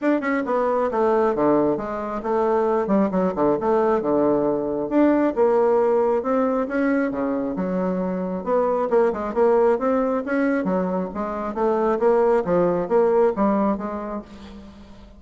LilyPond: \new Staff \with { instrumentName = "bassoon" } { \time 4/4 \tempo 4 = 135 d'8 cis'8 b4 a4 d4 | gis4 a4. g8 fis8 d8 | a4 d2 d'4 | ais2 c'4 cis'4 |
cis4 fis2 b4 | ais8 gis8 ais4 c'4 cis'4 | fis4 gis4 a4 ais4 | f4 ais4 g4 gis4 | }